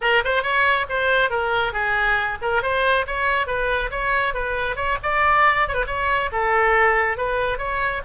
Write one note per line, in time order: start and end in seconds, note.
0.01 0.23 A#4
0.24 0.42 C5
0.42 0.86 C#5
0.89 1.29 C5
1.29 1.72 A#4
1.72 2.38 G#4
2.41 2.62 A#4
2.62 3.06 C5
3.07 3.47 C#5
3.47 3.90 B4
3.90 4.34 C#5
4.34 4.76 B4
4.76 4.97 C#5
5.03 5.67 D5
5.67 5.74 C#5
5.74 5.85 B4
5.86 6.30 C#5
6.32 7.17 A4
7.17 7.58 B4
7.58 8.01 C#5